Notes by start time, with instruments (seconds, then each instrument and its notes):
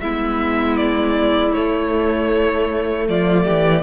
0.00 cello G#3, viola B3, violin E4 E5
0.77 violin D5
1.53 viola A3, cello A3, violin C#5
3.08 cello F3, violin F4 D5
3.44 cello E3, violin G4